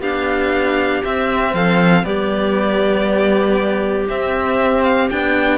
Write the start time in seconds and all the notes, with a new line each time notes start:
0.00 B3 D4 G4 F5
1.04 C4 E5
1.54 F3 A4 F5
2.03 G3 B3 G4 D5
4.08 C4 E5
4.84 F5
5.10 B3 D4 G5